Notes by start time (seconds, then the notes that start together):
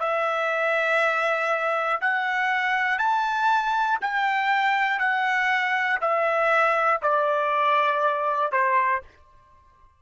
0.00 E5
2.01 F#5
2.99 A5
4.02 G5
5.00 F#5
6.01 E5
7.03 D5
8.52 C5